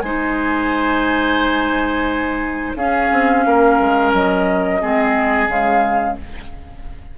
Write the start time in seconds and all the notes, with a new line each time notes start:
0.00 G#3 D#4 C5 G#5
2.75 C#4 G#4 F5
3.12 C4
3.45 A#3 A#4
3.79 G#3
4.13 F#3 D#5
4.81 G#3 C4 G#4
5.47 C#3 G#3 F5